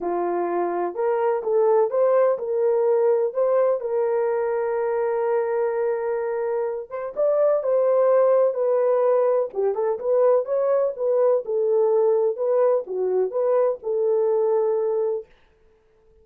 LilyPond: \new Staff \with { instrumentName = "horn" } { \time 4/4 \tempo 4 = 126 f'2 ais'4 a'4 | c''4 ais'2 c''4 | ais'1~ | ais'2~ ais'8 c''8 d''4 |
c''2 b'2 | g'8 a'8 b'4 cis''4 b'4 | a'2 b'4 fis'4 | b'4 a'2. | }